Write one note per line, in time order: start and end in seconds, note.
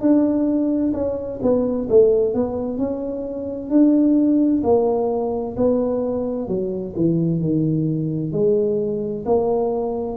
0.00 0.92 D4
0.93 1.39 C#4
1.42 1.88 B3
1.89 2.34 A3
2.34 2.78 B3
2.78 3.70 C#4
3.70 4.62 D4
4.63 5.56 A#3
5.56 6.48 B3
6.48 6.94 F#3
6.95 7.40 E3
7.40 8.32 D#3
8.32 9.24 G#3
9.25 10.17 A#3